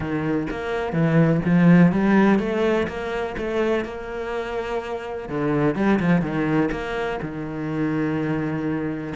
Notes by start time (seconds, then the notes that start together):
0.00 D#3
0.50 A#3
0.93 E3
1.45 F3
1.92 G3
2.39 A3
2.87 A#3
3.37 A3
3.84 A#3
5.28 D3
5.75 G3
5.99 F3
6.21 D#3
6.71 A#3
7.22 D#3